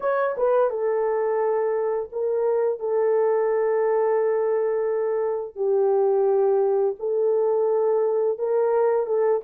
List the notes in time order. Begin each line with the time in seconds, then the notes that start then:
0.00 C#5
0.37 B4
0.70 A4
2.12 A#4
2.79 A4
5.55 G4
6.99 A4
8.38 A#4
9.06 A4